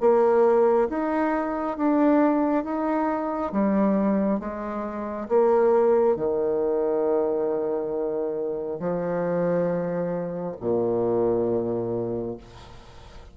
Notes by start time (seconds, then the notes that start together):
0.00 A#3
0.89 D#4
1.77 D4
2.64 D#4
3.52 G3
4.40 G#3
5.28 A#3
6.16 D#3
8.79 F3
10.60 A#2